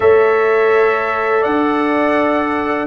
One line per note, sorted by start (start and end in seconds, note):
0.00 1.45 A3
0.00 2.87 A4
0.00 1.41 C#5
0.00 1.43 E5
1.41 2.87 D4
1.41 2.85 D5
1.41 2.87 F#5